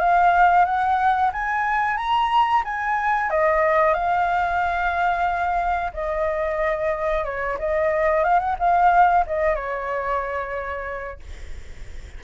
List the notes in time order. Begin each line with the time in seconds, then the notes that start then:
0.00 F5
0.66 F#5
1.33 G#5
1.98 A#5
2.65 G#5
3.31 D#5
3.94 F5
5.94 D#5
7.25 C#5
7.59 D#5
8.24 F5
8.40 F#5
8.60 F5
9.27 D#5
9.55 C#5